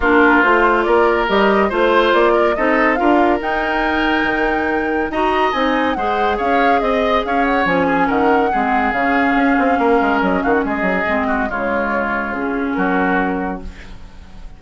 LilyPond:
<<
  \new Staff \with { instrumentName = "flute" } { \time 4/4 \tempo 4 = 141 ais'4 c''4 d''4 dis''4 | c''4 d''4 dis''4 f''4 | g''1 | ais''4 gis''4 fis''4 f''4 |
dis''4 f''8 fis''8 gis''4 fis''4~ | fis''4 f''2. | dis''8 f''16 fis''16 dis''2 cis''4~ | cis''4 gis'4 ais'2 | }
  \new Staff \with { instrumentName = "oboe" } { \time 4/4 f'2 ais'2 | c''4. ais'8 a'4 ais'4~ | ais'1 | dis''2 c''4 cis''4 |
dis''4 cis''4. gis'8 ais'4 | gis'2. ais'4~ | ais'8 fis'8 gis'4. fis'8 f'4~ | f'2 fis'2 | }
  \new Staff \with { instrumentName = "clarinet" } { \time 4/4 d'4 f'2 g'4 | f'2 dis'4 f'4 | dis'1 | fis'4 dis'4 gis'2~ |
gis'2 cis'2 | c'4 cis'2.~ | cis'2 c'4 gis4~ | gis4 cis'2. | }
  \new Staff \with { instrumentName = "bassoon" } { \time 4/4 ais4 a4 ais4 g4 | a4 ais4 c'4 d'4 | dis'2 dis2 | dis'4 c'4 gis4 cis'4 |
c'4 cis'4 f4 dis4 | gis4 cis4 cis'8 c'8 ais8 gis8 | fis8 dis8 gis8 fis8 gis4 cis4~ | cis2 fis2 | }
>>